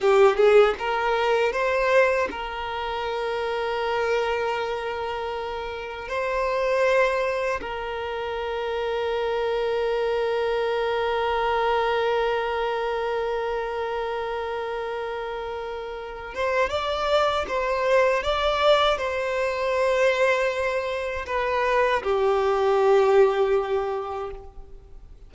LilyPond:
\new Staff \with { instrumentName = "violin" } { \time 4/4 \tempo 4 = 79 g'8 gis'8 ais'4 c''4 ais'4~ | ais'1 | c''2 ais'2~ | ais'1~ |
ais'1~ | ais'4. c''8 d''4 c''4 | d''4 c''2. | b'4 g'2. | }